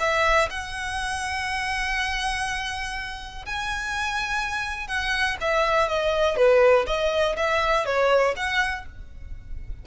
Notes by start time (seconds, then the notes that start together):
0.00 E5
0.50 F#5
3.46 G#5
4.88 F#5
5.41 E5
5.88 D#5
6.36 B4
6.87 D#5
7.37 E5
7.86 C#5
8.37 F#5